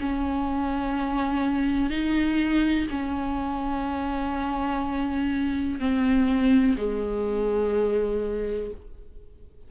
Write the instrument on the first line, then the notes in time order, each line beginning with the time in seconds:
viola
0.00 C#4
1.90 D#4
2.91 C#4
5.80 C4
6.77 G#3